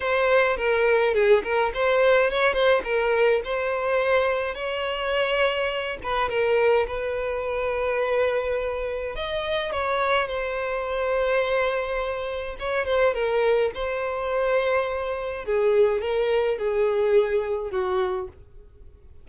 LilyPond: \new Staff \with { instrumentName = "violin" } { \time 4/4 \tempo 4 = 105 c''4 ais'4 gis'8 ais'8 c''4 | cis''8 c''8 ais'4 c''2 | cis''2~ cis''8 b'8 ais'4 | b'1 |
dis''4 cis''4 c''2~ | c''2 cis''8 c''8 ais'4 | c''2. gis'4 | ais'4 gis'2 fis'4 | }